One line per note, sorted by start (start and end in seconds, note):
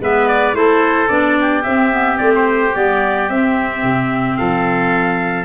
0.00 0.54 G#3
0.00 0.53 B3
0.00 0.55 B4
0.00 0.28 E5
0.28 0.55 D5
0.53 1.08 A3
0.53 1.08 E4
0.53 1.39 A4
0.53 1.08 C5
1.08 1.64 B3
1.08 1.63 D4
1.08 1.62 D5
1.39 4.38 G4
1.63 2.19 C4
1.63 1.92 C4
1.63 2.17 E5
1.92 2.16 B3
2.16 2.75 A3
2.16 2.70 C4
2.16 2.31 D5
2.35 2.75 C5
2.74 3.29 G3
2.74 3.29 B3
2.74 3.29 D5
3.29 3.83 C4
3.29 5.44 C4
3.29 4.37 E5
3.83 4.37 C3
4.37 5.44 F3
4.37 5.44 A4
4.37 5.44 F5